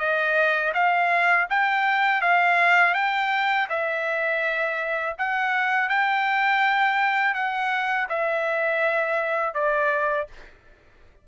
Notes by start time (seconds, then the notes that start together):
0.00 D#5
0.74 F5
1.50 G5
2.22 F5
2.95 G5
3.70 E5
5.19 F#5
5.90 G5
7.35 F#5
8.10 E5
9.55 D5